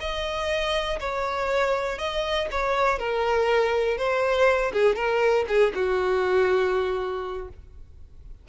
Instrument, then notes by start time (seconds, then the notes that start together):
violin
0.00 D#5
1.00 C#5
1.98 D#5
2.51 C#5
2.99 A#4
3.97 C5
4.73 G#4
4.96 A#4
5.48 G#4
5.75 F#4